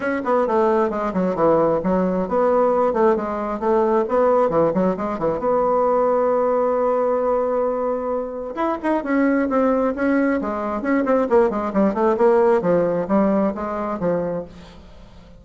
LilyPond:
\new Staff \with { instrumentName = "bassoon" } { \time 4/4 \tempo 4 = 133 cis'8 b8 a4 gis8 fis8 e4 | fis4 b4. a8 gis4 | a4 b4 e8 fis8 gis8 e8 | b1~ |
b2. e'8 dis'8 | cis'4 c'4 cis'4 gis4 | cis'8 c'8 ais8 gis8 g8 a8 ais4 | f4 g4 gis4 f4 | }